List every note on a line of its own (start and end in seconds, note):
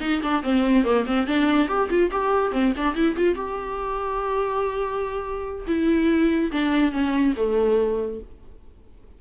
0.00 0.21 D#4
0.22 0.43 D4
0.43 0.84 C4
0.84 1.05 A#3
1.06 1.27 C4
1.27 1.68 D4
1.68 1.89 G4
1.89 2.10 F4
2.11 2.52 G4
2.52 2.73 C4
2.76 2.95 D4
2.95 3.16 E4
3.16 3.35 F4
3.35 5.65 G4
5.67 6.51 E4
6.51 6.92 D4
6.92 7.34 C#4
7.36 8.20 A3